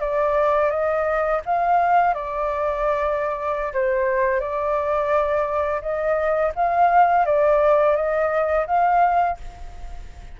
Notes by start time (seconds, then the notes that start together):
0.00 D5
0.70 D#5
1.46 F5
2.14 D5
3.73 C5
4.40 D5
5.82 D#5
6.55 F5
7.25 D5
7.96 D#5
8.67 F5